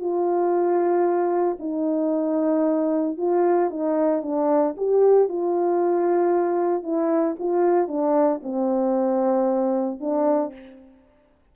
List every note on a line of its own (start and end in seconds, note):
0.00 1.58 F4
1.60 3.18 D#4
3.18 3.71 F4
3.71 4.23 D#4
4.23 4.75 D4
4.77 5.29 G4
5.29 6.83 F4
6.83 7.36 E4
7.39 7.88 F4
7.88 8.41 D4
8.43 10.00 C4
10.00 10.53 D4